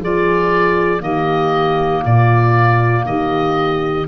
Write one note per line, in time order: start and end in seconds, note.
0.00 1.00 F3
0.00 0.99 F4
0.00 1.02 G#4
0.00 1.03 D5
0.99 2.02 D#3
0.99 4.04 A#3
0.99 2.03 G4
0.99 2.04 D#5
2.03 3.06 A#2
2.03 3.05 F4
2.03 3.06 D5
3.06 4.07 D#3
3.06 4.08 G4
3.06 4.08 D#5